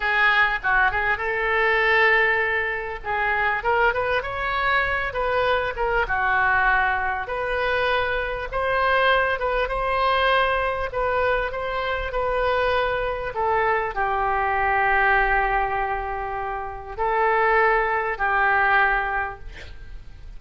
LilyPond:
\new Staff \with { instrumentName = "oboe" } { \time 4/4 \tempo 4 = 99 gis'4 fis'8 gis'8 a'2~ | a'4 gis'4 ais'8 b'8 cis''4~ | cis''8 b'4 ais'8 fis'2 | b'2 c''4. b'8 |
c''2 b'4 c''4 | b'2 a'4 g'4~ | g'1 | a'2 g'2 | }